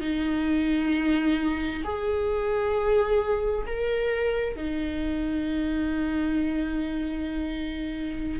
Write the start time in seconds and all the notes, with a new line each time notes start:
0.00 D#4
1.84 G#4
3.67 A#4
4.56 D#4